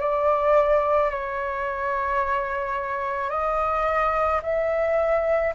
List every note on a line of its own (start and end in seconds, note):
0.00 1.11 D5
1.11 3.30 C#5
3.30 4.41 D#5
4.43 5.54 E5